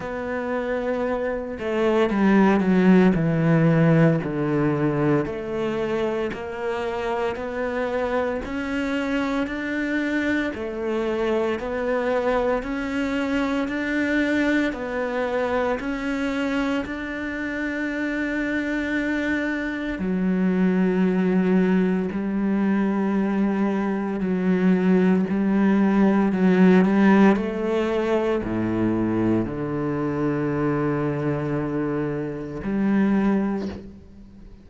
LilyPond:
\new Staff \with { instrumentName = "cello" } { \time 4/4 \tempo 4 = 57 b4. a8 g8 fis8 e4 | d4 a4 ais4 b4 | cis'4 d'4 a4 b4 | cis'4 d'4 b4 cis'4 |
d'2. fis4~ | fis4 g2 fis4 | g4 fis8 g8 a4 a,4 | d2. g4 | }